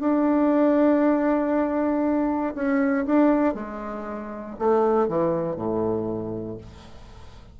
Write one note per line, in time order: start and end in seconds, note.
0.00 2.54 D4
2.55 3.06 C#4
3.06 3.55 D4
3.55 4.56 G#3
4.59 5.08 A3
5.08 5.56 E3
5.56 6.58 A2